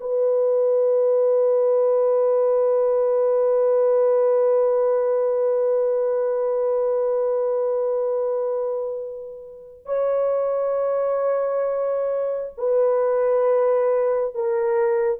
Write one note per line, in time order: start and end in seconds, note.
0.00 9.85 B4
9.85 12.54 C#5
12.57 14.34 B4
14.34 15.20 A#4